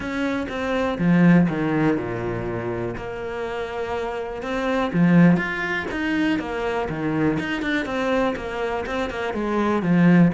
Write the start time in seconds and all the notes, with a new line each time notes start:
0.00 C#4
0.48 C4
0.98 F3
1.48 D#3
1.97 A#2
2.97 A#3
4.42 C4
4.93 F3
5.37 F4
5.91 D#4
6.39 A#3
6.89 D#3
7.39 D#4
7.62 D4
7.85 C4
8.35 A#3
8.86 C4
9.10 A#3
9.33 G#3
9.82 F3